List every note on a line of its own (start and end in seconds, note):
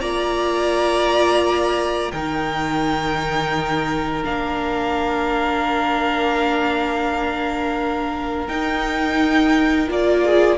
0.00 2.12 A#3
0.00 2.13 F4
0.00 2.12 D5
0.00 2.11 A#5
2.11 4.24 D#3
2.11 4.24 D#4
2.11 10.25 A#4
2.11 4.23 G5
4.24 8.48 A#3
4.24 8.47 D4
4.24 8.47 F5
8.47 9.88 D#4
8.47 9.89 G5
9.88 10.58 A#3
9.88 10.58 F4
9.88 10.58 D5
10.25 10.58 G#4